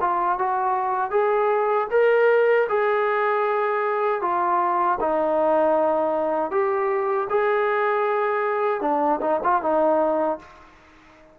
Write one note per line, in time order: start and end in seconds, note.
0.00 0.38 F4
0.38 1.10 F#4
1.10 1.87 G#4
1.91 2.67 A#4
2.69 4.21 G#4
4.21 4.98 F4
5.00 6.51 D#4
6.51 7.28 G4
7.29 8.81 G#4
8.81 9.20 D4
9.21 9.40 D#4
9.43 9.62 F4
9.62 10.39 D#4